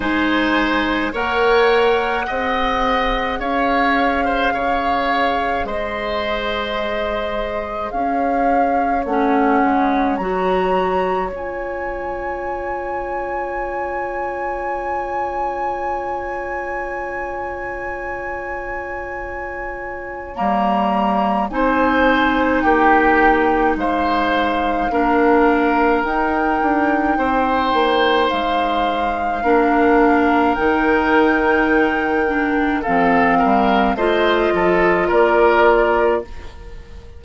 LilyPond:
<<
  \new Staff \with { instrumentName = "flute" } { \time 4/4 \tempo 4 = 53 gis''4 fis''2 f''4~ | f''4 dis''2 f''4 | fis''4 ais''4 gis''2~ | gis''1~ |
gis''2 ais''4 gis''4 | g''4 f''2 g''4~ | g''4 f''2 g''4~ | g''4 f''4 dis''4 d''4 | }
  \new Staff \with { instrumentName = "oboe" } { \time 4/4 c''4 cis''4 dis''4 cis''8. c''16 | cis''4 c''2 cis''4~ | cis''1~ | cis''1~ |
cis''2. c''4 | g'4 c''4 ais'2 | c''2 ais'2~ | ais'4 a'8 ais'8 c''8 a'8 ais'4 | }
  \new Staff \with { instrumentName = "clarinet" } { \time 4/4 dis'4 ais'4 gis'2~ | gis'1 | cis'4 fis'4 f'2~ | f'1~ |
f'2 ais4 dis'4~ | dis'2 d'4 dis'4~ | dis'2 d'4 dis'4~ | dis'8 d'8 c'4 f'2 | }
  \new Staff \with { instrumentName = "bassoon" } { \time 4/4 gis4 ais4 c'4 cis'4 | cis4 gis2 cis'4 | a8 gis8 fis4 cis'2~ | cis'1~ |
cis'2 g4 c'4 | ais4 gis4 ais4 dis'8 d'8 | c'8 ais8 gis4 ais4 dis4~ | dis4 f8 g8 a8 f8 ais4 | }
>>